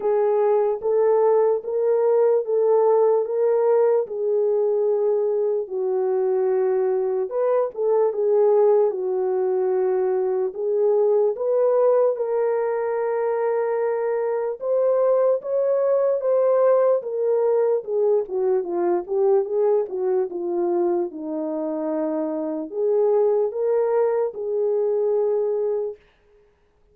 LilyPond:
\new Staff \with { instrumentName = "horn" } { \time 4/4 \tempo 4 = 74 gis'4 a'4 ais'4 a'4 | ais'4 gis'2 fis'4~ | fis'4 b'8 a'8 gis'4 fis'4~ | fis'4 gis'4 b'4 ais'4~ |
ais'2 c''4 cis''4 | c''4 ais'4 gis'8 fis'8 f'8 g'8 | gis'8 fis'8 f'4 dis'2 | gis'4 ais'4 gis'2 | }